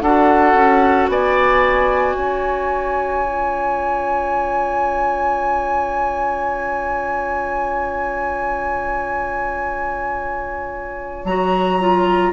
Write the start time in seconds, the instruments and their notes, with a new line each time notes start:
0.00 bassoon D4, clarinet F#4, oboe A4, flute F#5
0.54 bassoon C#4
1.08 bassoon B3, oboe D5, flute G#5
2.12 bassoon C#4, oboe C#5
3.24 clarinet F4
11.25 bassoon F#3, clarinet F#4, flute A#5
11.80 clarinet F4